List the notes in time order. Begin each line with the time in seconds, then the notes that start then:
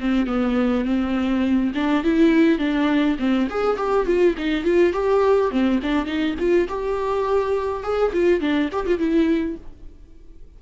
0.00 C4
0.27 B3
0.85 C4
1.75 D4
2.04 E4
2.59 D4
3.19 C4
3.50 G#4
3.77 G4
4.06 F4
4.38 D#4
4.64 F4
4.93 G4
5.51 C4
5.83 D4
6.06 D#4
6.39 F4
6.69 G4
7.83 G#4
8.13 F4
8.40 D4
8.72 G4
8.87 F4
8.98 E4